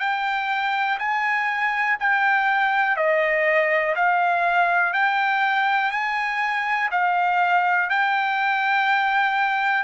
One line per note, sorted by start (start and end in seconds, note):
0.00 0.98 G5
0.99 1.98 G#5
2.00 2.96 G5
2.96 3.95 D#5
3.96 4.94 F5
4.94 5.92 G5
5.92 6.90 G#5
6.92 7.90 F5
7.90 9.84 G5